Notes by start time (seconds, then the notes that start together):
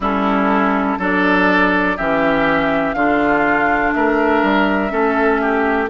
0.00 G3 C#4 E4 A4
0.98 F#3 D4 A4 D5
1.97 E3 C#4 G4 E5
2.93 D3 D4 F4 F5
3.92 A3 A#4 E5
4.42 G3
4.89 A3 C#4 A4
5.41 G4